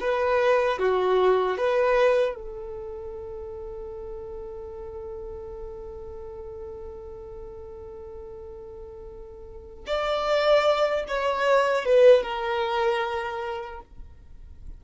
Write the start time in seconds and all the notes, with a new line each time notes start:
0.00 B4
0.79 F#4
1.58 B4
2.35 A4
9.86 D5
11.08 C#5
11.85 B4
12.23 A#4